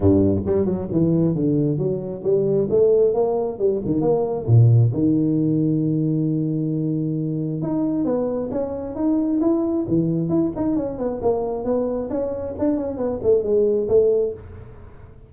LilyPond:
\new Staff \with { instrumentName = "tuba" } { \time 4/4 \tempo 4 = 134 g,4 g8 fis8 e4 d4 | fis4 g4 a4 ais4 | g8 dis8 ais4 ais,4 dis4~ | dis1~ |
dis4 dis'4 b4 cis'4 | dis'4 e'4 e4 e'8 dis'8 | cis'8 b8 ais4 b4 cis'4 | d'8 cis'8 b8 a8 gis4 a4 | }